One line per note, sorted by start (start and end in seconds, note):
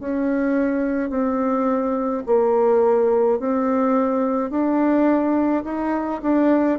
0.00 1.10 C#4
1.10 2.23 C4
2.26 3.40 A#3
3.40 4.51 C4
4.51 5.64 D4
5.64 6.21 D#4
6.23 6.79 D4